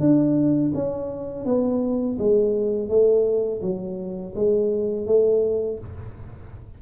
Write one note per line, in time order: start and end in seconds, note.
0.00 0.72 D4
0.75 1.46 C#4
1.46 2.18 B3
2.19 2.89 G#3
2.89 3.61 A3
3.62 4.34 F#3
4.35 5.07 G#3
5.07 5.79 A3